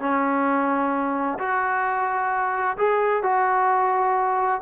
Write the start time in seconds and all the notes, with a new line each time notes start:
0.00 C#4
1.39 F#4
2.77 G#4
3.23 F#4